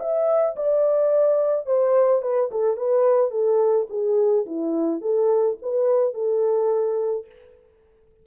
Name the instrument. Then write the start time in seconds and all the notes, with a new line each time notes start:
horn
0.00 E5
0.57 D5
1.66 C5
2.23 B4
2.52 A4
2.77 B4
3.31 A4
3.90 G#4
4.46 E4
5.02 A4
5.63 B4
6.14 A4